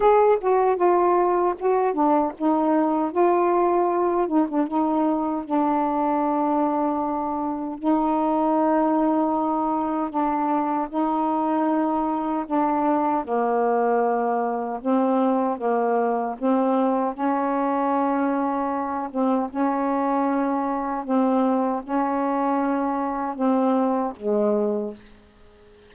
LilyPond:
\new Staff \with { instrumentName = "saxophone" } { \time 4/4 \tempo 4 = 77 gis'8 fis'8 f'4 fis'8 d'8 dis'4 | f'4. dis'16 d'16 dis'4 d'4~ | d'2 dis'2~ | dis'4 d'4 dis'2 |
d'4 ais2 c'4 | ais4 c'4 cis'2~ | cis'8 c'8 cis'2 c'4 | cis'2 c'4 gis4 | }